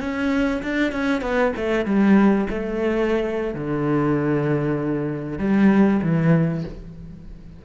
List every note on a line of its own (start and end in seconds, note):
0.00 0.62 C#4
0.62 0.92 D4
0.92 1.21 C#4
1.21 1.52 B3
1.56 1.85 A3
1.85 2.47 G3
2.50 3.54 A3
3.54 5.39 D3
5.39 6.01 G3
6.02 6.64 E3